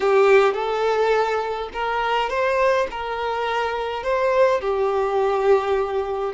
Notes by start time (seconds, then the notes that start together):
0.00 G4
0.53 A4
1.73 A#4
2.29 C5
2.90 A#4
4.03 C5
4.60 G4